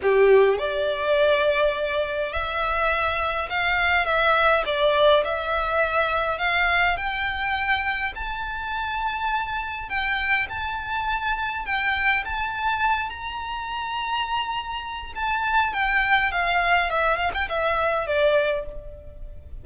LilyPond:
\new Staff \with { instrumentName = "violin" } { \time 4/4 \tempo 4 = 103 g'4 d''2. | e''2 f''4 e''4 | d''4 e''2 f''4 | g''2 a''2~ |
a''4 g''4 a''2 | g''4 a''4. ais''4.~ | ais''2 a''4 g''4 | f''4 e''8 f''16 g''16 e''4 d''4 | }